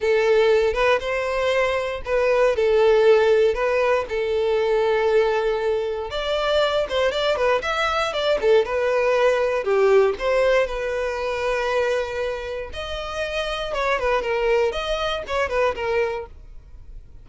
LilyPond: \new Staff \with { instrumentName = "violin" } { \time 4/4 \tempo 4 = 118 a'4. b'8 c''2 | b'4 a'2 b'4 | a'1 | d''4. c''8 d''8 b'8 e''4 |
d''8 a'8 b'2 g'4 | c''4 b'2.~ | b'4 dis''2 cis''8 b'8 | ais'4 dis''4 cis''8 b'8 ais'4 | }